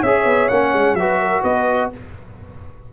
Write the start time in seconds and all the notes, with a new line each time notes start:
0.00 C#4 G#4 C#5 E5
0.25 B3
0.48 A#3 C#4 F#5
0.73 G#3
0.94 F#3 F#4 B4 E5
1.21 A#4
1.43 B3 B4 D#5